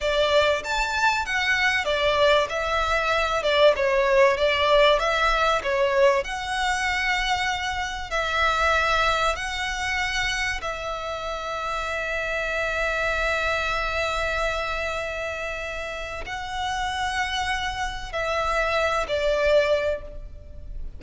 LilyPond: \new Staff \with { instrumentName = "violin" } { \time 4/4 \tempo 4 = 96 d''4 a''4 fis''4 d''4 | e''4. d''8 cis''4 d''4 | e''4 cis''4 fis''2~ | fis''4 e''2 fis''4~ |
fis''4 e''2.~ | e''1~ | e''2 fis''2~ | fis''4 e''4. d''4. | }